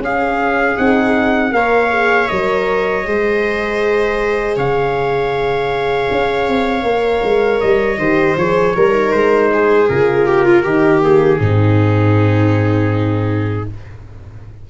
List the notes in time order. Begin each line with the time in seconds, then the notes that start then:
0.00 C#4 G#4 F5
0.76 C4 D#4 F#5
1.52 A#3 A#4 C#5 F5
1.90 G#4
2.28 F#3 A#4 D#5
3.05 G#3 G#4 C5
4.56 C#3 C#5 F5
6.11 C#4
6.48 C4
6.83 A#3 A#4
7.23 G#3
7.60 G3 D#5
7.98 D#3 G4 C5
8.37 F3 G#4 C#5
8.76 G3 A#4
8.92 D#4
9.12 G#3 C5
9.53 G#4
9.88 C#3 F4 A#4
10.27 G4
10.45 F4
10.63 D#3 D#4 G4
11.01 A#3 G#4
11.38 G#2 C4 D#4